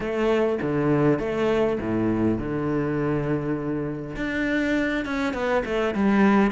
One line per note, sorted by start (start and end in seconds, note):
0.00 0.58 A3
0.62 1.19 D3
1.19 1.78 A3
1.80 2.38 A2
2.38 4.16 D3
4.16 5.05 D4
5.05 5.33 C#4
5.33 5.63 B3
5.65 5.94 A3
5.94 6.51 G3